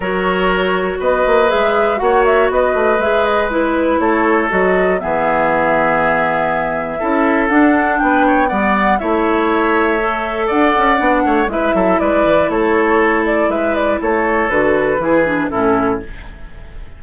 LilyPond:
<<
  \new Staff \with { instrumentName = "flute" } { \time 4/4 \tempo 4 = 120 cis''2 dis''4 e''4 | fis''8 e''8 dis''4 e''8 dis''8 b'4 | cis''4 dis''4 e''2~ | e''2. fis''4 |
g''4 fis''4 e''2~ | e''4 fis''2 e''4 | d''4 cis''4. d''8 e''8 d''8 | cis''4 b'2 a'4 | }
  \new Staff \with { instrumentName = "oboe" } { \time 4/4 ais'2 b'2 | cis''4 b'2. | a'2 gis'2~ | gis'2 a'2 |
b'8 cis''8 d''4 cis''2~ | cis''4 d''4. cis''8 b'8 a'8 | b'4 a'2 b'4 | a'2 gis'4 e'4 | }
  \new Staff \with { instrumentName = "clarinet" } { \time 4/4 fis'2. gis'4 | fis'2 gis'4 e'4~ | e'4 fis'4 b2~ | b2 e'4 d'4~ |
d'4 b4 e'2 | a'2 d'4 e'4~ | e'1~ | e'4 fis'4 e'8 d'8 cis'4 | }
  \new Staff \with { instrumentName = "bassoon" } { \time 4/4 fis2 b8 ais8 gis4 | ais4 b8 a8 gis2 | a4 fis4 e2~ | e2 cis'4 d'4 |
b4 g4 a2~ | a4 d'8 cis'8 b8 a8 gis8 fis8 | gis8 e8 a2 gis4 | a4 d4 e4 a,4 | }
>>